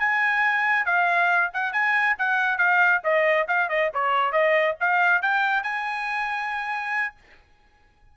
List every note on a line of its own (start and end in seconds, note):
0.00 0.86 G#5
0.86 1.51 F5
1.54 1.73 F#5
1.73 2.17 G#5
2.19 2.58 F#5
2.58 3.02 F5
3.04 3.48 D#5
3.48 3.69 F5
3.69 3.91 D#5
3.94 4.32 C#5
4.32 4.76 D#5
4.81 5.22 F5
5.22 5.63 G5
5.63 7.16 G#5